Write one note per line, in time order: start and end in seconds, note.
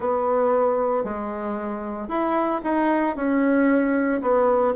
0.00 1.04 B3
1.04 2.08 G#3
2.08 2.60 E4
2.63 3.16 D#4
3.16 4.21 C#4
4.21 4.74 B3